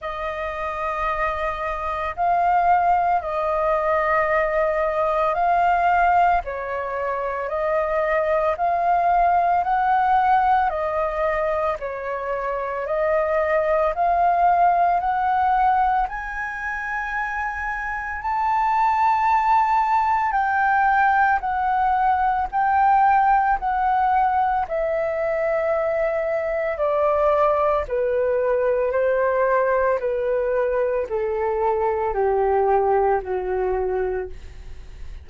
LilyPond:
\new Staff \with { instrumentName = "flute" } { \time 4/4 \tempo 4 = 56 dis''2 f''4 dis''4~ | dis''4 f''4 cis''4 dis''4 | f''4 fis''4 dis''4 cis''4 | dis''4 f''4 fis''4 gis''4~ |
gis''4 a''2 g''4 | fis''4 g''4 fis''4 e''4~ | e''4 d''4 b'4 c''4 | b'4 a'4 g'4 fis'4 | }